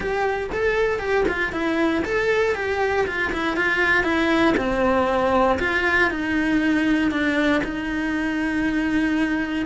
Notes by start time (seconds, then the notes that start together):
0.00 G4
0.52 A4
0.99 G4
1.28 F4
1.52 E4
2.05 A4
2.55 G4
3.06 F4
3.32 E4
3.56 F4
4.03 E4
4.57 C4
5.59 F4
6.10 D#4
7.11 D4
7.63 D#4